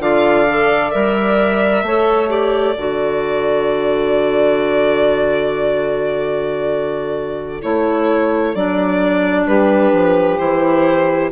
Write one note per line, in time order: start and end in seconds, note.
0.00 0.92 D3
0.00 0.46 F4
0.00 1.86 D5
0.00 0.91 F5
0.49 0.92 A4
0.91 1.83 G3
0.91 1.84 A#4
0.91 2.30 E5
1.83 2.75 A3
1.83 2.29 A4
1.83 2.78 C#5
2.29 2.75 G4
2.29 7.62 D5
2.77 7.62 D3
2.77 7.63 F#4
2.77 9.47 A4
7.63 8.55 A3
7.63 8.55 E4
7.63 8.55 C#5
8.55 9.47 F#3
8.55 10.38 D4
8.55 9.47 D5
9.47 9.93 G3
9.47 11.32 G4
9.47 10.38 B4
9.93 10.39 F3
10.38 11.32 E3
10.38 11.30 E4
10.38 11.31 C5